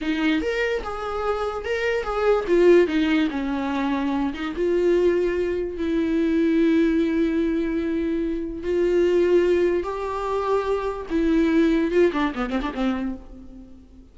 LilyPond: \new Staff \with { instrumentName = "viola" } { \time 4/4 \tempo 4 = 146 dis'4 ais'4 gis'2 | ais'4 gis'4 f'4 dis'4 | cis'2~ cis'8 dis'8 f'4~ | f'2 e'2~ |
e'1~ | e'4 f'2. | g'2. e'4~ | e'4 f'8 d'8 b8 c'16 d'16 c'4 | }